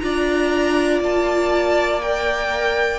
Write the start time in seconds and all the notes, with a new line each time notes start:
0.00 D4 F4 D5 A#5
1.01 A#3 A5
2.01 A#4 G5